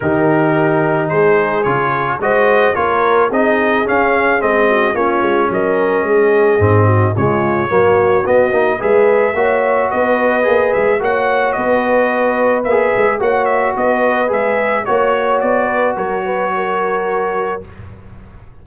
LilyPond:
<<
  \new Staff \with { instrumentName = "trumpet" } { \time 4/4 \tempo 4 = 109 ais'2 c''4 cis''4 | dis''4 cis''4 dis''4 f''4 | dis''4 cis''4 dis''2~ | dis''4 cis''2 dis''4 |
e''2 dis''4. e''8 | fis''4 dis''2 e''4 | fis''8 e''8 dis''4 e''4 cis''4 | d''4 cis''2. | }
  \new Staff \with { instrumentName = "horn" } { \time 4/4 g'2 gis'2 | c''4 ais'4 gis'2~ | gis'8 fis'8 f'4 ais'4 gis'4~ | gis'8 fis'8 f'4 fis'2 |
b'4 cis''4 b'2 | cis''4 b'2. | cis''4 b'2 cis''4~ | cis''8 b'8 ais'8 b'8 ais'2 | }
  \new Staff \with { instrumentName = "trombone" } { \time 4/4 dis'2. f'4 | fis'4 f'4 dis'4 cis'4 | c'4 cis'2. | c'4 gis4 ais4 b8 dis'8 |
gis'4 fis'2 gis'4 | fis'2. gis'4 | fis'2 gis'4 fis'4~ | fis'1 | }
  \new Staff \with { instrumentName = "tuba" } { \time 4/4 dis2 gis4 cis4 | gis4 ais4 c'4 cis'4 | gis4 ais8 gis8 fis4 gis4 | gis,4 cis4 fis4 b8 ais8 |
gis4 ais4 b4 ais8 gis8 | ais4 b2 ais8 gis8 | ais4 b4 gis4 ais4 | b4 fis2. | }
>>